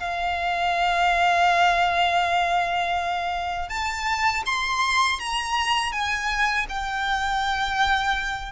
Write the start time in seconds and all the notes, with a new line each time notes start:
0.00 F5
3.69 A5
4.46 C6
5.20 A#5
5.93 G#5
6.69 G5